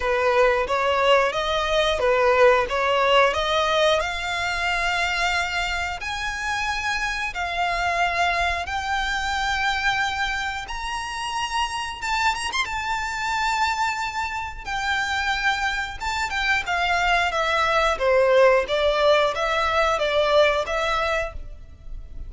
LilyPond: \new Staff \with { instrumentName = "violin" } { \time 4/4 \tempo 4 = 90 b'4 cis''4 dis''4 b'4 | cis''4 dis''4 f''2~ | f''4 gis''2 f''4~ | f''4 g''2. |
ais''2 a''8 ais''16 c'''16 a''4~ | a''2 g''2 | a''8 g''8 f''4 e''4 c''4 | d''4 e''4 d''4 e''4 | }